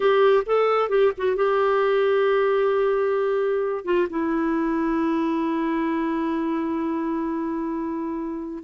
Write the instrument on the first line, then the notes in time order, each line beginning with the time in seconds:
clarinet
0.00 G4
0.45 A4
0.89 G4
1.17 F#4
1.35 G4
3.85 F4
4.09 E4